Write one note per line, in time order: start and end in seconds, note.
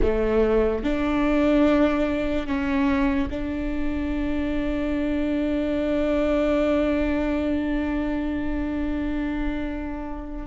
0.02 0.83 A3
0.83 2.47 D4
2.47 3.29 C#4
3.30 10.46 D4